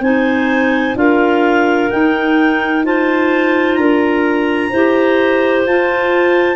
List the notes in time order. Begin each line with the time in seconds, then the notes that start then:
0.00 C4 D#4 C5 G#5
0.95 D4 F4 A#4 F5
1.90 D#4 G5
2.84 F4 C5 A5
3.74 D4 A#4 A#5
4.69 E4 G4 C5
5.66 F4 A5